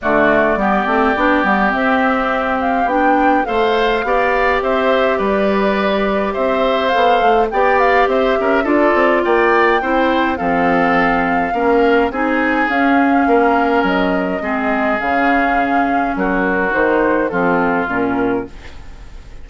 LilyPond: <<
  \new Staff \with { instrumentName = "flute" } { \time 4/4 \tempo 4 = 104 d''2. e''4~ | e''8 f''8 g''4 f''2 | e''4 d''2 e''4 | f''4 g''8 f''8 e''4 d''4 |
g''2 f''2~ | f''4 gis''4 f''2 | dis''2 f''2 | ais'4 c''4 a'4 ais'4 | }
  \new Staff \with { instrumentName = "oboe" } { \time 4/4 fis'4 g'2.~ | g'2 c''4 d''4 | c''4 b'2 c''4~ | c''4 d''4 c''8 ais'8 a'4 |
d''4 c''4 a'2 | ais'4 gis'2 ais'4~ | ais'4 gis'2. | fis'2 f'2 | }
  \new Staff \with { instrumentName = "clarinet" } { \time 4/4 a4 b8 c'8 d'8 b8 c'4~ | c'4 d'4 a'4 g'4~ | g'1 | a'4 g'2 f'4~ |
f'4 e'4 c'2 | cis'4 dis'4 cis'2~ | cis'4 c'4 cis'2~ | cis'4 dis'4 c'4 cis'4 | }
  \new Staff \with { instrumentName = "bassoon" } { \time 4/4 d4 g8 a8 b8 g8 c'4~ | c'4 b4 a4 b4 | c'4 g2 c'4 | b8 a8 b4 c'8 cis'8 d'8 c'8 |
ais4 c'4 f2 | ais4 c'4 cis'4 ais4 | fis4 gis4 cis2 | fis4 dis4 f4 ais,4 | }
>>